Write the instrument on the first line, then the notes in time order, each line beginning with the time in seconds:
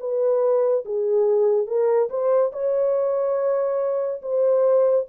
horn
0.00 B4
0.85 G#4
1.67 A#4
2.09 C5
2.52 C#5
4.22 C5